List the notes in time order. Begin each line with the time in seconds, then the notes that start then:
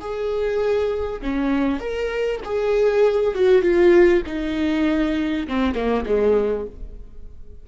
0.00 G#4
1.22 C#4
1.80 A#4
2.45 G#4
3.34 F#4
3.62 F4
4.26 D#4
5.47 C4
5.74 A#3
6.06 G#3